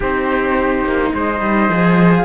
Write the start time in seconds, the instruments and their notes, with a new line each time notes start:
0.00 cello C4 D#4, trumpet G4, flute C5
0.84 cello A#3
1.14 cello G#3, trumpet C5, flute D#5
1.40 cello G3
1.69 cello F3 G#4
2.15 flute F5